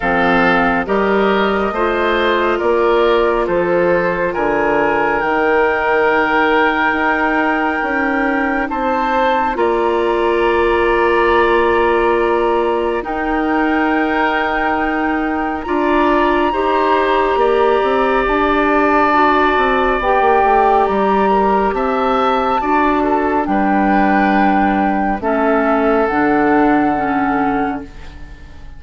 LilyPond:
<<
  \new Staff \with { instrumentName = "flute" } { \time 4/4 \tempo 4 = 69 f''4 dis''2 d''4 | c''4 gis''4 g''2~ | g''2 a''4 ais''4~ | ais''2. g''4~ |
g''2 ais''2~ | ais''4 a''2 g''4 | ais''4 a''2 g''4~ | g''4 e''4 fis''2 | }
  \new Staff \with { instrumentName = "oboe" } { \time 4/4 a'4 ais'4 c''4 ais'4 | a'4 ais'2.~ | ais'2 c''4 d''4~ | d''2. ais'4~ |
ais'2 d''4 c''4 | d''1~ | d''8 ais'8 e''4 d''8 a'8 b'4~ | b'4 a'2. | }
  \new Staff \with { instrumentName = "clarinet" } { \time 4/4 c'4 g'4 f'2~ | f'2 dis'2~ | dis'2. f'4~ | f'2. dis'4~ |
dis'2 f'4 g'4~ | g'2 fis'4 g'4~ | g'2 fis'4 d'4~ | d'4 cis'4 d'4 cis'4 | }
  \new Staff \with { instrumentName = "bassoon" } { \time 4/4 f4 g4 a4 ais4 | f4 d4 dis2 | dis'4 cis'4 c'4 ais4~ | ais2. dis'4~ |
dis'2 d'4 dis'4 | ais8 c'8 d'4. c'8 b16 ais16 a8 | g4 c'4 d'4 g4~ | g4 a4 d2 | }
>>